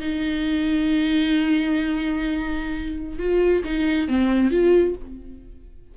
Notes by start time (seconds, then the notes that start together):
0.00 D#4
3.18 F4
3.63 D#4
4.07 C4
4.50 F4